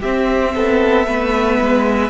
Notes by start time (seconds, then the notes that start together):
0.00 C4 G4 E5
0.55 B3 A4
1.07 A3 B3 B4
1.61 G#3